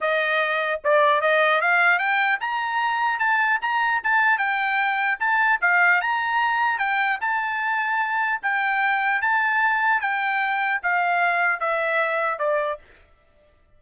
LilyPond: \new Staff \with { instrumentName = "trumpet" } { \time 4/4 \tempo 4 = 150 dis''2 d''4 dis''4 | f''4 g''4 ais''2 | a''4 ais''4 a''4 g''4~ | g''4 a''4 f''4 ais''4~ |
ais''4 g''4 a''2~ | a''4 g''2 a''4~ | a''4 g''2 f''4~ | f''4 e''2 d''4 | }